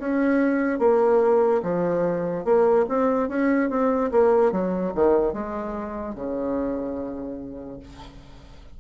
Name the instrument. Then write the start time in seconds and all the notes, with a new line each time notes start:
bassoon
0.00 C#4
0.80 A#3
1.63 F3
2.45 A#3
2.89 C4
3.29 C#4
3.70 C4
4.12 A#3
4.52 F#3
4.95 D#3
5.33 G#3
6.16 C#3